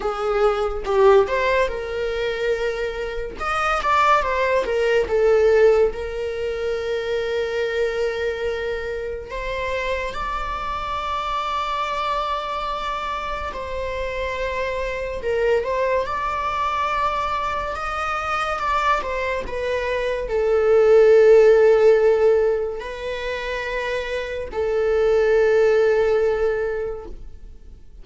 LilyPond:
\new Staff \with { instrumentName = "viola" } { \time 4/4 \tempo 4 = 71 gis'4 g'8 c''8 ais'2 | dis''8 d''8 c''8 ais'8 a'4 ais'4~ | ais'2. c''4 | d''1 |
c''2 ais'8 c''8 d''4~ | d''4 dis''4 d''8 c''8 b'4 | a'2. b'4~ | b'4 a'2. | }